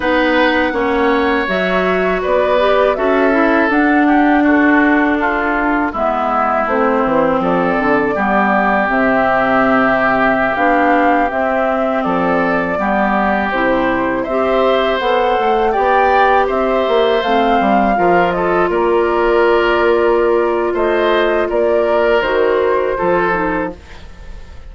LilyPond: <<
  \new Staff \with { instrumentName = "flute" } { \time 4/4 \tempo 4 = 81 fis''2 e''4 d''4 | e''4 fis''4 a'2 | e''4 c''4 d''2 | e''2~ e''16 f''4 e''8.~ |
e''16 d''2 c''4 e''8.~ | e''16 fis''4 g''4 e''4 f''8.~ | f''8. dis''8 d''2~ d''8. | dis''4 d''4 c''2 | }
  \new Staff \with { instrumentName = "oboe" } { \time 4/4 b'4 cis''2 b'4 | a'4. g'8 fis'4 f'4 | e'2 a'4 g'4~ | g'1~ |
g'16 a'4 g'2 c''8.~ | c''4~ c''16 d''4 c''4.~ c''16~ | c''16 ais'8 a'8 ais'2~ ais'8. | c''4 ais'2 a'4 | }
  \new Staff \with { instrumentName = "clarinet" } { \time 4/4 dis'4 cis'4 fis'4. g'8 | fis'8 e'8 d'2. | b4 c'2 b4 | c'2~ c'16 d'4 c'8.~ |
c'4~ c'16 b4 e'4 g'8.~ | g'16 a'4 g'2 c'8.~ | c'16 f'2.~ f'8.~ | f'2 fis'4 f'8 dis'8 | }
  \new Staff \with { instrumentName = "bassoon" } { \time 4/4 b4 ais4 fis4 b4 | cis'4 d'2. | gis4 a8 e8 f8 d8 g4 | c2~ c16 b4 c'8.~ |
c'16 f4 g4 c4 c'8.~ | c'16 b8 a8 b4 c'8 ais8 a8 g16~ | g16 f4 ais2~ ais8. | a4 ais4 dis4 f4 | }
>>